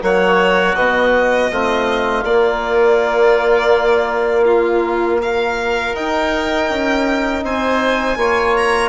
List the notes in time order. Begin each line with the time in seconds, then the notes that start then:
0.00 F#3 A#3 F#4 C#5
0.75 B2 B3 D#5
1.51 A3 C4 F4
2.24 A#3 D5
4.44 F4
5.21 F4 A#4 F5
5.95 D#4 G5
6.69 C#4
7.43 C4 C5 G#5
8.16 A#3 F4 C#5
8.56 A#5